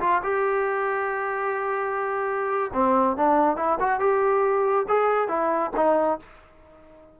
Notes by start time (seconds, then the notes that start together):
0.00 F4
0.22 G4
2.73 C4
3.16 D4
3.56 E4
3.79 F#4
3.99 G4
4.88 G#4
5.28 E4
5.76 D#4